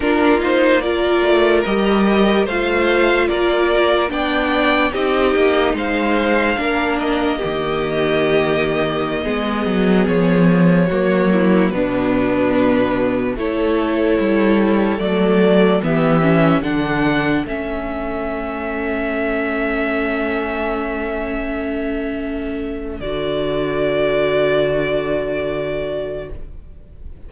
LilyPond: <<
  \new Staff \with { instrumentName = "violin" } { \time 4/4 \tempo 4 = 73 ais'8 c''8 d''4 dis''4 f''4 | d''4 g''4 dis''4 f''4~ | f''8 dis''2.~ dis''8~ | dis''16 cis''2 b'4.~ b'16~ |
b'16 cis''2 d''4 e''8.~ | e''16 fis''4 e''2~ e''8.~ | e''1 | d''1 | }
  \new Staff \with { instrumentName = "violin" } { \time 4/4 f'4 ais'2 c''4 | ais'4 d''4 g'4 c''4 | ais'4 g'2~ g'16 gis'8.~ | gis'4~ gis'16 fis'8 e'8 d'4.~ d'16~ |
d'16 a'2. g'8.~ | g'16 a'2.~ a'8.~ | a'1~ | a'1 | }
  \new Staff \with { instrumentName = "viola" } { \time 4/4 d'8 dis'8 f'4 g'4 f'4~ | f'4 d'4 dis'2 | d'4 ais2~ ais16 b8.~ | b4~ b16 ais4 b4.~ b16~ |
b16 e'2 a4 b8 cis'16~ | cis'16 d'4 cis'2~ cis'8.~ | cis'1 | fis'1 | }
  \new Staff \with { instrumentName = "cello" } { \time 4/4 ais4. a8 g4 a4 | ais4 b4 c'8 ais8 gis4 | ais4 dis2~ dis16 gis8 fis16~ | fis16 f4 fis4 b,4.~ b,16~ |
b,16 a4 g4 fis4 e8.~ | e16 d4 a2~ a8.~ | a1 | d1 | }
>>